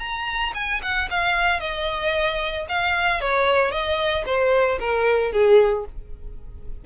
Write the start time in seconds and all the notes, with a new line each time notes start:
0.00 A#5
0.55 G#5
0.83 F#5
1.11 F5
1.60 D#5
2.69 F5
3.21 C#5
3.72 D#5
4.26 C5
4.80 A#4
5.32 G#4